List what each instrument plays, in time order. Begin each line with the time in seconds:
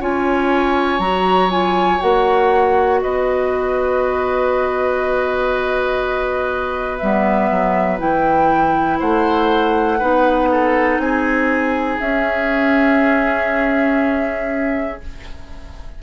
0.00 bassoon C#4, clarinet F4, oboe C#5, flute G#5
0.99 bassoon F#3, clarinet F#4, flute A#5
1.50 clarinet F4, flute G#5
1.99 bassoon A#3, clarinet F#4, flute F#5
3.02 bassoon B3, oboe B4, flute D#5
6.98 bassoon G3, clarinet B3, flute E5
7.51 bassoon F#3
7.99 bassoon E3, clarinet E4, flute G5
8.99 bassoon A3, oboe C5, flute F#5
9.98 bassoon B3, clarinet D#4, oboe B4
10.51 oboe A4
10.98 bassoon C4, oboe G#4, flute G#5
12.00 bassoon C#4, clarinet C#4, flute E5